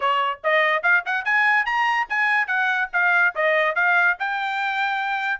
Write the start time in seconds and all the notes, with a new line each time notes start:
0.00 C#5
0.43 D#5
0.82 F5
1.05 F#5
1.24 G#5
1.65 A#5
2.09 G#5
2.47 F#5
2.92 F5
3.35 D#5
3.75 F5
4.19 G5